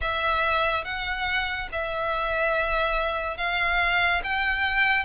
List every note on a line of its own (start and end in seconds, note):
0.01 0.84 E5
0.84 1.68 F#5
1.72 3.37 E5
3.37 4.21 F5
4.23 5.05 G5